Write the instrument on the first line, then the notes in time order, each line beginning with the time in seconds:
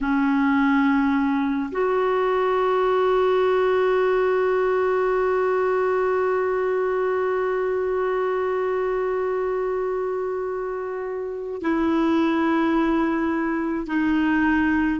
clarinet
0.00 C#4
1.71 F#4
11.61 E4
13.87 D#4